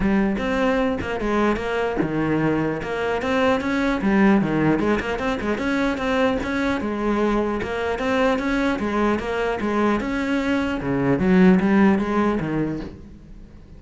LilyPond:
\new Staff \with { instrumentName = "cello" } { \time 4/4 \tempo 4 = 150 g4 c'4. ais8 gis4 | ais4 dis2 ais4 | c'4 cis'4 g4 dis4 | gis8 ais8 c'8 gis8 cis'4 c'4 |
cis'4 gis2 ais4 | c'4 cis'4 gis4 ais4 | gis4 cis'2 cis4 | fis4 g4 gis4 dis4 | }